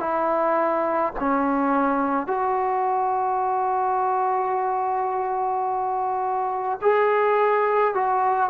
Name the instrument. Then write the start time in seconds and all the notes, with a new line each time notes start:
trombone
0.00 E4
1.20 C#4
2.27 F#4
6.82 G#4
7.95 F#4